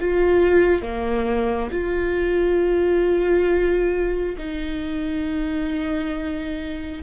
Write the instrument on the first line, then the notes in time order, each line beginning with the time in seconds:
viola
0.00 F4
0.82 A#3
1.71 F4
4.38 D#4